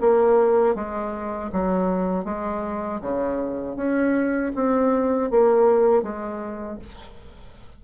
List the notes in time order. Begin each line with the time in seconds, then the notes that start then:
0.00 A#3
0.75 G#3
1.52 F#3
2.24 G#3
3.01 C#3
3.76 C#4
4.55 C4
5.30 A#3
6.02 G#3